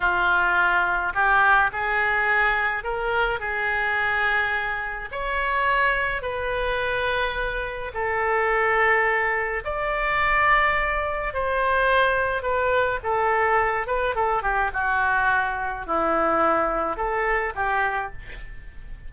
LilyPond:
\new Staff \with { instrumentName = "oboe" } { \time 4/4 \tempo 4 = 106 f'2 g'4 gis'4~ | gis'4 ais'4 gis'2~ | gis'4 cis''2 b'4~ | b'2 a'2~ |
a'4 d''2. | c''2 b'4 a'4~ | a'8 b'8 a'8 g'8 fis'2 | e'2 a'4 g'4 | }